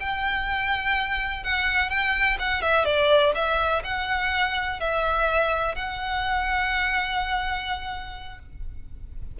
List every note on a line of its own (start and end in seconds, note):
0.00 1.44 G5
1.44 1.90 F#5
1.90 2.38 G5
2.39 2.62 F#5
2.62 2.85 E5
2.85 3.33 D5
3.35 3.83 E5
3.84 4.80 F#5
4.80 5.75 E5
5.75 8.39 F#5